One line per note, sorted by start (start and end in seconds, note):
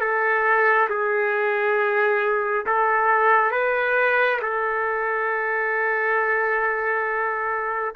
0.00 0.88 A4
0.89 2.66 G#4
2.66 3.51 A4
3.51 4.40 B4
4.42 7.95 A4